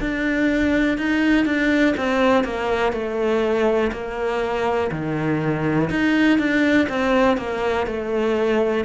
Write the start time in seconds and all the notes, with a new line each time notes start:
0.00 D4
0.98 D#4
1.46 D4
1.97 C4
2.44 A#3
2.92 A3
3.92 A#3
4.91 D#3
5.90 D#4
6.38 D4
6.89 C4
7.38 A#3
7.87 A3